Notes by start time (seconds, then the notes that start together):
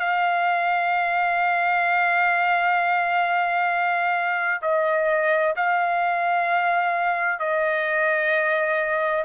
0.00 F5
4.62 D#5
5.56 F5
7.40 D#5